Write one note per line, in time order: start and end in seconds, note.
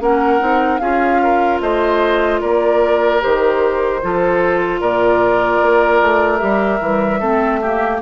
0.00 0.40 A#3
0.00 0.39 C#4
0.00 0.81 A#4
0.00 0.79 F#5
0.39 0.80 C4
0.39 0.79 D#4
0.79 1.60 C#4
0.79 3.20 F4
0.79 1.21 G#4
0.79 1.59 F5
1.23 1.62 A#4
1.60 2.40 A3
1.60 2.40 C5
1.60 2.40 D#5
2.40 3.23 A#3
2.40 4.00 A#4
2.40 3.21 D5
3.20 4.03 D#3
3.20 4.00 G4
3.20 4.80 C5
4.02 4.81 F3
4.02 6.39 F4
4.02 4.81 A4
4.80 5.61 A#2
4.80 7.20 A#4
4.80 6.38 D5
5.62 6.01 A#3
6.01 6.41 A3
6.38 6.80 G3
6.38 6.79 G4
6.38 7.98 E5
6.80 7.20 E3
6.80 7.22 G3
7.20 8.01 A3
7.20 7.62 C4
7.20 7.60 A4
7.61 8.02 A#3
7.61 8.01 G4